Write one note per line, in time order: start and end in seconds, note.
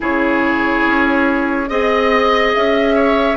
0.00 0.86 C#3
0.00 1.67 E4
0.00 1.69 G#4
0.00 1.68 C#5
0.86 1.69 C#4
1.68 2.54 C4
1.68 3.37 G#4
1.68 2.52 D#5
1.68 2.95 D#5
2.54 3.37 C#4
2.54 3.37 E5
2.95 3.37 C#5